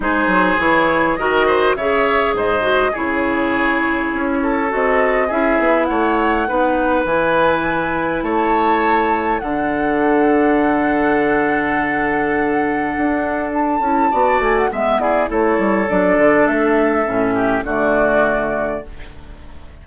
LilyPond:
<<
  \new Staff \with { instrumentName = "flute" } { \time 4/4 \tempo 4 = 102 c''4 cis''4 dis''4 e''4 | dis''4 cis''2. | dis''4 e''4 fis''2 | gis''2 a''2 |
fis''1~ | fis''2. a''4~ | a''8 gis''16 fis''16 e''8 d''8 cis''4 d''4 | e''2 d''2 | }
  \new Staff \with { instrumentName = "oboe" } { \time 4/4 gis'2 ais'8 c''8 cis''4 | c''4 gis'2~ gis'8 a'8~ | a'4 gis'4 cis''4 b'4~ | b'2 cis''2 |
a'1~ | a'1 | d''4 e''8 gis'8 a'2~ | a'4. g'8 fis'2 | }
  \new Staff \with { instrumentName = "clarinet" } { \time 4/4 dis'4 e'4 fis'4 gis'4~ | gis'8 fis'8 e'2. | fis'4 e'2 dis'4 | e'1 |
d'1~ | d'2.~ d'8 e'8 | fis'4 b4 e'4 d'4~ | d'4 cis'4 a2 | }
  \new Staff \with { instrumentName = "bassoon" } { \time 4/4 gis8 fis8 e4 dis4 cis4 | gis,4 cis2 cis'4 | c'4 cis'8 b8 a4 b4 | e2 a2 |
d1~ | d2 d'4. cis'8 | b8 a8 gis8 e'8 a8 g8 fis8 d8 | a4 a,4 d2 | }
>>